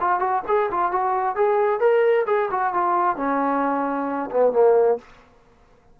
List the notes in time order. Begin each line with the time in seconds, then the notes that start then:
0.00 F4
0.19 F#4
0.47 G#4
0.70 F4
0.91 F#4
1.35 G#4
1.80 A#4
2.26 G#4
2.50 F#4
2.73 F4
3.16 C#4
4.31 B3
4.52 A#3